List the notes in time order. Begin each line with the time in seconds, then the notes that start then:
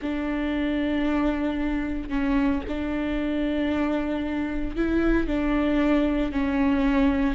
0.01 D4
2.09 C#4
2.68 D4
4.76 E4
5.27 D4
6.32 C#4